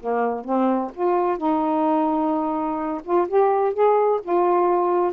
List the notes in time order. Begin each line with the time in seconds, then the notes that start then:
0.00 A#3
0.44 C4
0.94 F4
1.37 D#4
3.04 F4
3.28 G4
3.73 G#4
4.22 F4